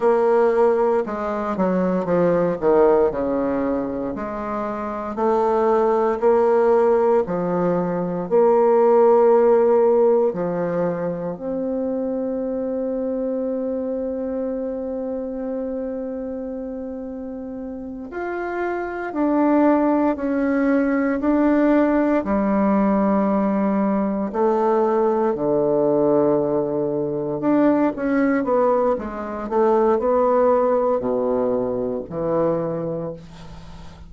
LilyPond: \new Staff \with { instrumentName = "bassoon" } { \time 4/4 \tempo 4 = 58 ais4 gis8 fis8 f8 dis8 cis4 | gis4 a4 ais4 f4 | ais2 f4 c'4~ | c'1~ |
c'4. f'4 d'4 cis'8~ | cis'8 d'4 g2 a8~ | a8 d2 d'8 cis'8 b8 | gis8 a8 b4 b,4 e4 | }